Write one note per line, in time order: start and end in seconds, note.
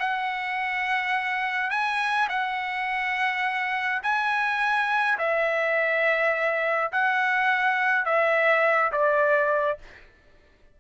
0.00 1.70 F#5
1.70 2.28 G#5
2.29 4.02 F#5
4.03 5.18 G#5
5.18 6.92 E5
6.92 8.05 F#5
8.05 8.92 E5
8.92 9.79 D5